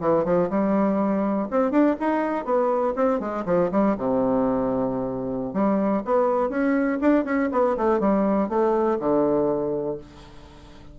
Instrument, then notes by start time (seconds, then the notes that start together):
bassoon
0.00 E3
0.24 F3
0.50 G3
1.50 C4
1.71 D4
1.99 D#4
2.44 B3
2.96 C4
3.19 G#3
3.45 F3
3.71 G3
3.97 C3
5.53 G3
6.04 B3
6.49 C#4
7.01 D4
7.24 C#4
7.52 B3
7.77 A3
7.99 G3
8.49 A3
8.99 D3